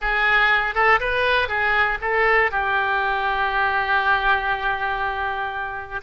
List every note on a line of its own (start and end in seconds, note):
0.01 0.74 G#4
0.74 0.99 A4
1.00 1.48 B4
1.48 1.98 G#4
2.01 2.51 A4
2.51 6.01 G4